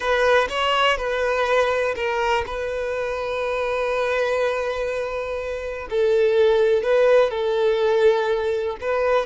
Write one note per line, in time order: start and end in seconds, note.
0.00 0.48 B4
0.49 0.97 C#5
0.97 1.94 B4
1.95 2.44 A#4
2.46 5.88 B4
5.90 6.82 A4
6.82 7.30 B4
7.30 8.76 A4
8.80 9.26 B4